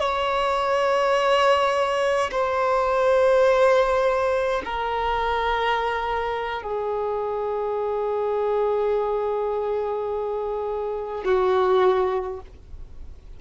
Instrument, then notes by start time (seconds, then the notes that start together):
violin
0.00 C#5
2.31 C5
4.65 A#4
6.63 G#4
11.25 F#4